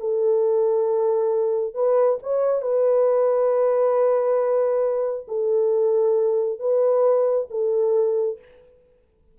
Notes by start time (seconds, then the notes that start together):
0.00 A4
1.74 B4
2.23 C#5
2.62 B4
5.28 A4
6.60 B4
7.50 A4